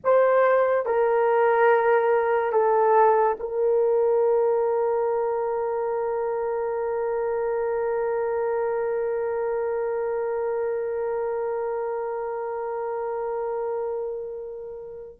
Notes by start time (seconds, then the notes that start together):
0.03 C5
0.85 A#4
2.52 A4
3.39 A#4